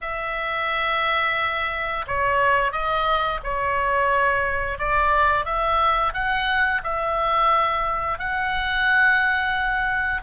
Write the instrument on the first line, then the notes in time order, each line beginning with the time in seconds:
oboe
0.01 E5
2.07 C#5
2.71 D#5
3.43 C#5
4.78 D5
5.45 E5
6.13 F#5
6.83 E5
8.18 F#5